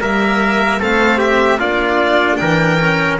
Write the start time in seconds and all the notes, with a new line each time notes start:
0.00 G3 A#3 A#4 E5
0.79 A3 C4 A4 F5
1.18 G4 E5
1.59 A#3 D4 F4 D5
2.36 E3 A#4 G5
2.80 C#4